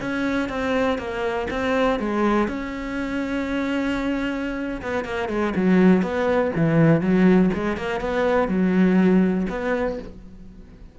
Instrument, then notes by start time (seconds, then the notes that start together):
cello
0.00 C#4
0.49 C4
0.98 A#3
1.50 C4
1.99 G#3
2.47 C#4
4.82 B3
5.04 A#3
5.28 G#3
5.55 F#3
6.02 B3
6.55 E3
7.01 F#3
7.53 G#3
7.77 A#3
8.00 B3
8.48 F#3
9.49 B3